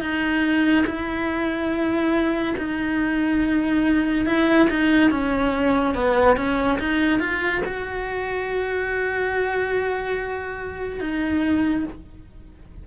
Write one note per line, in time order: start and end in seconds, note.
0.00 0.85 D#4
0.86 2.55 E4
2.57 4.26 D#4
4.26 4.68 E4
4.69 5.10 D#4
5.10 5.94 C#4
5.94 6.36 B3
6.36 6.78 C#4
6.79 7.19 D#4
7.19 7.62 F4
7.65 11.00 F#4
11.00 11.85 D#4